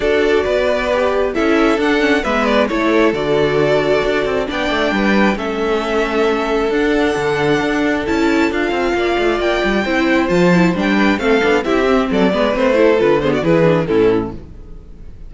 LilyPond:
<<
  \new Staff \with { instrumentName = "violin" } { \time 4/4 \tempo 4 = 134 d''2. e''4 | fis''4 e''8 d''8 cis''4 d''4~ | d''2 g''2 | e''2. fis''4~ |
fis''2 a''4 f''4~ | f''4 g''2 a''4 | g''4 f''4 e''4 d''4 | c''4 b'8 c''16 d''16 b'4 a'4 | }
  \new Staff \with { instrumentName = "violin" } { \time 4/4 a'4 b'2 a'4~ | a'4 b'4 a'2~ | a'2 d''4 b'4 | a'1~ |
a'1 | d''2 c''2~ | c''8 b'8 a'4 g'4 a'8 b'8~ | b'8 a'4 gis'16 fis'16 gis'4 e'4 | }
  \new Staff \with { instrumentName = "viola" } { \time 4/4 fis'2 g'4 e'4 | d'8 cis'8 b4 e'4 fis'4~ | fis'2 d'2 | cis'2. d'4~ |
d'2 e'4 f'4~ | f'2 e'4 f'8 e'8 | d'4 c'8 d'8 e'8 c'4 b8 | c'8 e'8 f'8 b8 e'8 d'8 cis'4 | }
  \new Staff \with { instrumentName = "cello" } { \time 4/4 d'4 b2 cis'4 | d'4 gis4 a4 d4~ | d4 d'8 c'8 b8 a8 g4 | a2. d'4 |
d4 d'4 cis'4 d'8 c'8 | ais8 a8 ais8 g8 c'4 f4 | g4 a8 b8 c'4 fis8 gis8 | a4 d4 e4 a,4 | }
>>